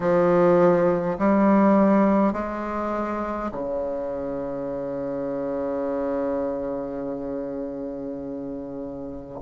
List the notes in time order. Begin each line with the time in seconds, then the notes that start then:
0.00 F3
1.18 G3
2.33 G#3
3.51 C#3